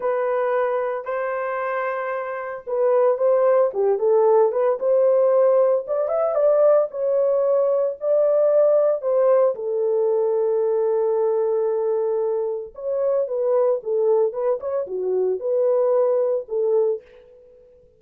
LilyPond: \new Staff \with { instrumentName = "horn" } { \time 4/4 \tempo 4 = 113 b'2 c''2~ | c''4 b'4 c''4 g'8 a'8~ | a'8 b'8 c''2 d''8 e''8 | d''4 cis''2 d''4~ |
d''4 c''4 a'2~ | a'1 | cis''4 b'4 a'4 b'8 cis''8 | fis'4 b'2 a'4 | }